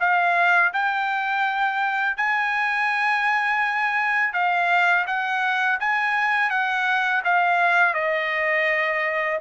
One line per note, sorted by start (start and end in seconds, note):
0.00 0.72 F5
0.73 2.17 G5
2.17 4.33 G#5
4.33 5.05 F5
5.06 5.79 F#5
5.80 6.50 G#5
6.50 7.22 F#5
7.25 7.94 F5
7.94 9.38 D#5